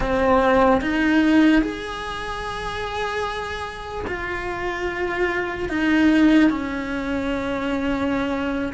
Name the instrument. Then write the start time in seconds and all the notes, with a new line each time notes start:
cello
0.00 C4
0.81 D#4
1.61 G#4
4.07 F4
5.69 D#4
6.50 C#4